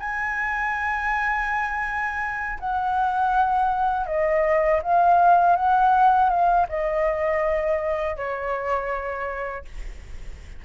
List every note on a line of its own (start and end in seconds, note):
0.00 2.59 G#5
2.60 4.07 F#5
4.07 4.81 D#5
4.83 5.56 F5
5.56 6.30 F#5
6.30 6.67 F5
6.69 8.17 D#5
8.17 9.65 C#5